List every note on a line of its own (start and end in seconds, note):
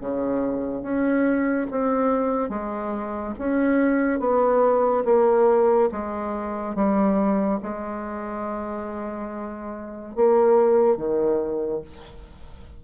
0.00 0.82 C#3
0.82 1.66 C#4
1.71 2.49 C4
2.49 3.33 G#3
3.38 4.19 C#4
4.19 5.04 B3
5.05 5.89 A#3
5.92 6.75 G#3
6.75 7.59 G3
7.62 10.15 G#3
10.15 10.96 A#3
10.96 11.81 D#3